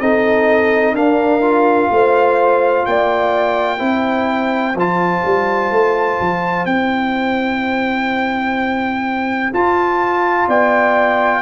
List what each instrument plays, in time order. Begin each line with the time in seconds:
0.00 tuba C4, trombone D#4, horn A4, trumpet D#5
0.92 tuba D4, trombone D4, horn A#4, trumpet F5
1.41 trombone F4
1.91 tuba A3, horn C5
2.86 tuba A#3, horn D5, trumpet G5
3.78 tuba C4, trombone E4, horn C5
4.75 tuba F3, trombone F4, trumpet A5
5.25 tuba G3
5.71 tuba A3
6.20 tuba F3
6.66 tuba C4, trombone E4, trumpet G5
9.53 trombone F4, tuba F4, trumpet A5
10.48 tuba B3, horn D5, trumpet G5